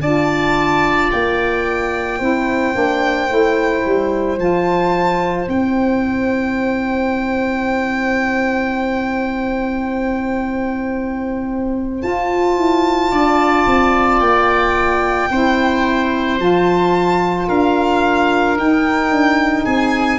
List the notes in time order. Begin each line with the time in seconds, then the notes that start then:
0.00 D4 F4 D5 A5
1.11 A#3 G5
2.18 C4 E4 C5
2.73 A#3 D4
3.28 A3 E4
3.85 G3
4.37 F3 F4 A5
5.45 C4 E4 G5
12.01 F4 A5
12.57 E4
13.11 D4 D5
13.66 C4
14.20 A#3 G5
15.30 C4 E4 C5
16.39 F3 F4 A5
17.47 D4 A#4 F5
18.57 D#4 G5
19.10 D4
19.64 C4 G#4 G#5